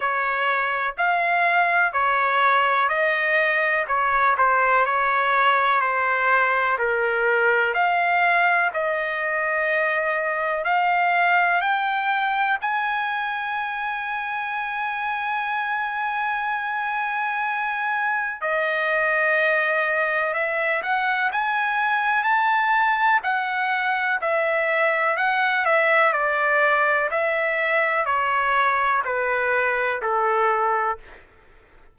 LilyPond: \new Staff \with { instrumentName = "trumpet" } { \time 4/4 \tempo 4 = 62 cis''4 f''4 cis''4 dis''4 | cis''8 c''8 cis''4 c''4 ais'4 | f''4 dis''2 f''4 | g''4 gis''2.~ |
gis''2. dis''4~ | dis''4 e''8 fis''8 gis''4 a''4 | fis''4 e''4 fis''8 e''8 d''4 | e''4 cis''4 b'4 a'4 | }